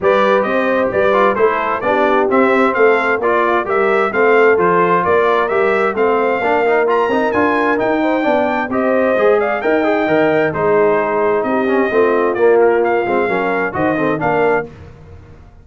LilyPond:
<<
  \new Staff \with { instrumentName = "trumpet" } { \time 4/4 \tempo 4 = 131 d''4 dis''4 d''4 c''4 | d''4 e''4 f''4 d''4 | e''4 f''4 c''4 d''4 | e''4 f''2 ais''4 |
gis''4 g''2 dis''4~ | dis''8 f''8 g''2 c''4~ | c''4 dis''2 d''8 ais'8 | f''2 dis''4 f''4 | }
  \new Staff \with { instrumentName = "horn" } { \time 4/4 b'4 c''4 b'4 a'4 | g'2 a'4 f'4 | ais'4 a'2 ais'4~ | ais'4 c''4 ais'2~ |
ais'4. c''8 d''4 c''4~ | c''8 d''8 dis''2 gis'4~ | gis'4 g'4 f'2~ | f'4 ais'4 c''8 a'8 ais'4 | }
  \new Staff \with { instrumentName = "trombone" } { \time 4/4 g'2~ g'8 f'8 e'4 | d'4 c'2 f'4 | g'4 c'4 f'2 | g'4 c'4 d'8 dis'8 f'8 dis'8 |
f'4 dis'4 d'4 g'4 | gis'4 ais'8 gis'8 ais'4 dis'4~ | dis'4. cis'8 c'4 ais4~ | ais8 c'8 cis'4 fis'8 c'8 d'4 | }
  \new Staff \with { instrumentName = "tuba" } { \time 4/4 g4 c'4 g4 a4 | b4 c'4 a4 ais4 | g4 a4 f4 ais4 | g4 a4 ais4. c'8 |
d'4 dis'4 b4 c'4 | gis4 dis'4 dis4 gis4~ | gis4 c'4 a4 ais4~ | ais8 gis8 fis4 dis4 ais4 | }
>>